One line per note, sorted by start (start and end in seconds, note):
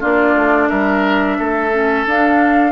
0.00 0.35 A#3
0.00 1.70 D4
0.00 0.68 F4
0.00 0.69 D5
0.35 0.69 A3
0.69 1.39 G3
0.69 1.37 A#4
0.69 2.06 E5
1.38 2.06 A3
1.38 2.72 A4
1.72 2.06 C#4
2.06 2.72 D4
2.06 2.72 F5